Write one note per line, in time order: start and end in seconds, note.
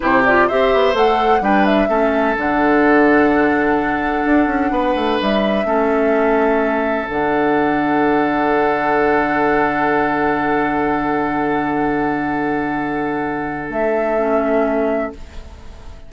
0.00 0.49 C3
0.00 0.23 E4
0.00 0.47 G4
0.00 0.23 C5
0.25 0.50 F4
0.25 0.48 D5
0.47 0.73 C4
0.47 0.94 G4
0.47 1.42 C5
0.47 0.95 E5
0.73 0.94 B3
0.94 1.41 A3
0.94 1.41 A4
0.94 1.43 F#5
1.41 1.88 G3
1.41 1.88 D4
1.41 1.88 B4
1.41 1.65 G5
1.65 2.36 E5
1.88 2.36 A3
1.88 2.35 C#4
1.88 4.72 A4
2.37 4.25 D3
2.37 5.65 D4
2.37 5.21 F#5
4.25 4.46 D4
4.46 4.70 C#4
4.70 4.94 B3
4.70 5.67 B4
4.95 5.18 A3
5.21 5.64 G3
5.21 7.09 E5
5.64 7.06 A3
5.64 7.07 C#4
5.64 15.12 A4
7.09 13.69 D3
7.09 14.18 D4
7.09 13.70 F#5
13.69 15.10 A3
13.69 15.12 E5
14.18 15.12 C#4